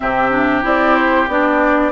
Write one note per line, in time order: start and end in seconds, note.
0.00 0.64 C3
0.00 0.31 C4
0.00 1.92 G4
0.00 0.63 E5
0.31 0.62 D4
0.62 1.28 C4
0.62 1.27 E4
0.62 0.95 D5
0.95 1.28 C5
1.28 1.92 B3
1.28 1.92 D4
1.28 1.92 D5